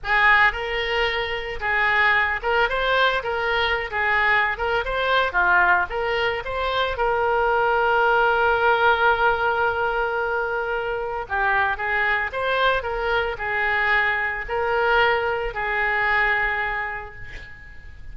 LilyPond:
\new Staff \with { instrumentName = "oboe" } { \time 4/4 \tempo 4 = 112 gis'4 ais'2 gis'4~ | gis'8 ais'8 c''4 ais'4~ ais'16 gis'8.~ | gis'8 ais'8 c''4 f'4 ais'4 | c''4 ais'2.~ |
ais'1~ | ais'4 g'4 gis'4 c''4 | ais'4 gis'2 ais'4~ | ais'4 gis'2. | }